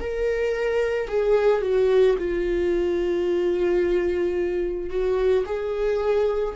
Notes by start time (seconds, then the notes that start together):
0.00 A#4
1.08 G#4
1.62 F#4
2.19 F4
4.90 F#4
5.46 G#4